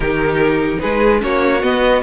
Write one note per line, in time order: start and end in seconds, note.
0.00 0.77 D#3
0.00 1.18 D#4
0.00 0.79 G4
0.00 0.79 A#4
0.79 1.23 G#3
0.79 1.22 G#4
0.79 1.20 B4
1.18 1.62 A#3
1.18 1.59 C#4
1.18 2.03 F#4
1.18 1.62 C#5
1.62 2.02 B3
1.62 2.03 B3
1.62 2.02 D#5